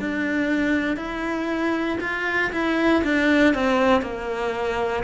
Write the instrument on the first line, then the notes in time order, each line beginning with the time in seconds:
cello
0.00 D4
0.97 E4
2.01 F4
2.52 E4
3.04 D4
3.55 C4
4.02 A#3